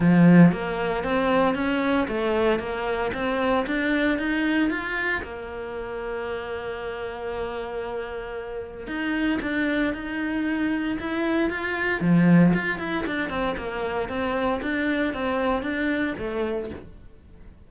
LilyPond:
\new Staff \with { instrumentName = "cello" } { \time 4/4 \tempo 4 = 115 f4 ais4 c'4 cis'4 | a4 ais4 c'4 d'4 | dis'4 f'4 ais2~ | ais1~ |
ais4 dis'4 d'4 dis'4~ | dis'4 e'4 f'4 f4 | f'8 e'8 d'8 c'8 ais4 c'4 | d'4 c'4 d'4 a4 | }